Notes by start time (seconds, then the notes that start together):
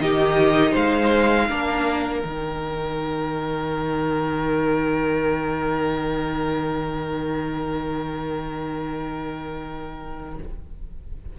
0.00 D#3 D#4 G4 D#5
0.72 G#3 C5 F5
1.49 A#3 D4 A#4
2.20 D#3 D#4 G5